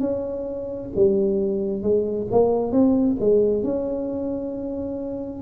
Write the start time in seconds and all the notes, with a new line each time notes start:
0.00 C#4
0.96 G3
1.82 G#3
2.31 A#3
2.72 C4
3.20 G#3
3.63 C#4